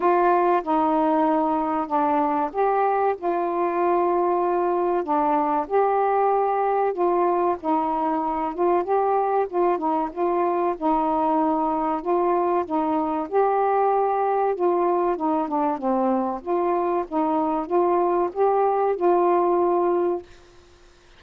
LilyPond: \new Staff \with { instrumentName = "saxophone" } { \time 4/4 \tempo 4 = 95 f'4 dis'2 d'4 | g'4 f'2. | d'4 g'2 f'4 | dis'4. f'8 g'4 f'8 dis'8 |
f'4 dis'2 f'4 | dis'4 g'2 f'4 | dis'8 d'8 c'4 f'4 dis'4 | f'4 g'4 f'2 | }